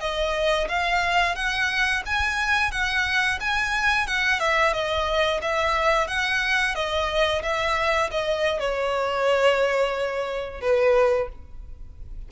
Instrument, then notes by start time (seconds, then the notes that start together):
violin
0.00 D#5
0.68 F5
1.35 F#5
2.06 G#5
2.71 F#5
3.40 G#5
4.07 F#5
4.39 E5
4.73 D#5
5.41 E5
6.07 F#5
6.75 D#5
7.42 E5
8.11 D#5
8.59 C#5
10.61 B4